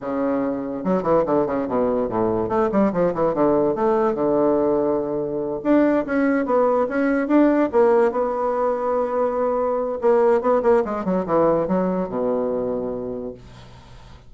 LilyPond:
\new Staff \with { instrumentName = "bassoon" } { \time 4/4 \tempo 4 = 144 cis2 fis8 e8 d8 cis8 | b,4 a,4 a8 g8 f8 e8 | d4 a4 d2~ | d4. d'4 cis'4 b8~ |
b8 cis'4 d'4 ais4 b8~ | b1 | ais4 b8 ais8 gis8 fis8 e4 | fis4 b,2. | }